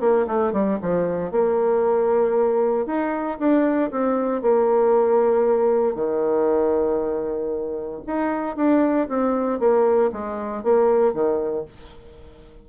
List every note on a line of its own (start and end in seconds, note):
0.00 0.26 A#3
0.27 0.52 A3
0.52 0.78 G3
0.81 1.31 F3
1.31 2.86 A#3
2.86 3.38 D#4
3.39 3.91 D4
3.91 4.42 C4
4.42 5.95 A#3
5.95 8.01 D#3
8.07 8.56 D#4
8.56 9.08 D4
9.08 9.59 C4
9.59 10.11 A#3
10.12 10.63 G#3
10.63 11.13 A#3
11.13 11.65 D#3